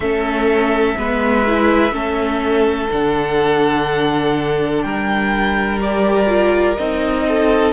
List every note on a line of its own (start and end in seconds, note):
0.00 0.94 A3
0.00 0.97 C#4
0.00 0.97 A4
0.00 2.89 E5
0.97 1.91 G#3
0.97 1.46 B3
0.97 1.94 B4
1.46 1.91 E4
1.91 2.88 A3
1.91 2.88 C#4
1.91 4.84 A4
2.91 4.84 D3
2.91 5.80 D4
2.91 4.81 F#5
4.81 6.78 G3
4.81 7.26 A#4
4.81 5.78 G5
5.80 6.27 G4
5.80 6.76 D5
6.27 6.75 F4
6.76 7.73 C4
6.76 7.73 D#4
6.76 7.73 D#5
7.27 7.73 A4